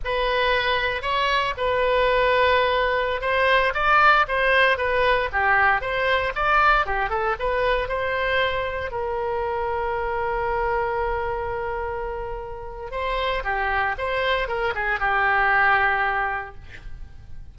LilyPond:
\new Staff \with { instrumentName = "oboe" } { \time 4/4 \tempo 4 = 116 b'2 cis''4 b'4~ | b'2~ b'16 c''4 d''8.~ | d''16 c''4 b'4 g'4 c''8.~ | c''16 d''4 g'8 a'8 b'4 c''8.~ |
c''4~ c''16 ais'2~ ais'8.~ | ais'1~ | ais'4 c''4 g'4 c''4 | ais'8 gis'8 g'2. | }